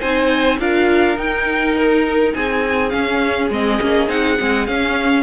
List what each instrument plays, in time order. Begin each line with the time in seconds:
0.00 cello C4, viola D#4, violin C5 G#5
0.59 cello D4, viola F4, violin A#4 F5
1.17 viola D#4, cello D#4, violin G5
1.77 violin A#4
2.34 cello C4, violin G#4 G#5
2.90 viola C#4, cello C#4, violin F5
3.50 cello G#3, viola C4, violin D#5
3.81 cello A#3, viola C#4
4.08 cello C4, viola D#4, violin F#5
4.40 cello G#3, viola C4
4.66 viola C#4, cello C#4, violin F5